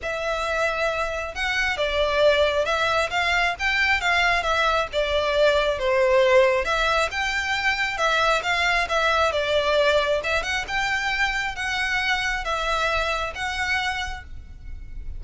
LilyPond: \new Staff \with { instrumentName = "violin" } { \time 4/4 \tempo 4 = 135 e''2. fis''4 | d''2 e''4 f''4 | g''4 f''4 e''4 d''4~ | d''4 c''2 e''4 |
g''2 e''4 f''4 | e''4 d''2 e''8 fis''8 | g''2 fis''2 | e''2 fis''2 | }